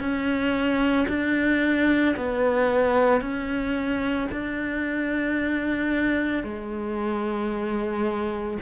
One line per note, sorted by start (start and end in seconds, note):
0.00 1.07 C#4
1.09 2.16 D4
2.17 3.21 B3
3.21 4.29 C#4
4.32 6.44 D4
6.44 8.58 G#3